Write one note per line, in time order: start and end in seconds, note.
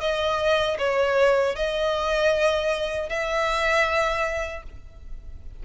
0.00 0.77 D#5
0.78 1.55 C#5
1.56 3.09 D#5
3.09 4.63 E5